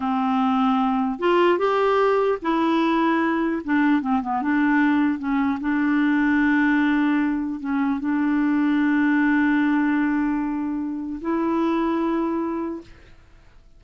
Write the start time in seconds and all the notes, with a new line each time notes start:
0.00 C4
1.19 F4
1.58 G4
2.42 E4
3.64 D4
4.01 C4
4.22 B3
4.41 D4
5.19 C#4
5.60 D4
7.60 C#4
8.00 D4
11.21 E4